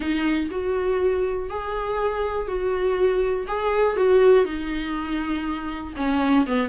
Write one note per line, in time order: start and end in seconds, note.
0.00 0.49 D#4
0.50 1.49 F#4
1.49 2.47 G#4
2.47 3.46 F#4
3.47 3.96 G#4
3.96 4.44 F#4
4.44 5.93 D#4
5.96 6.46 C#4
6.46 6.69 B3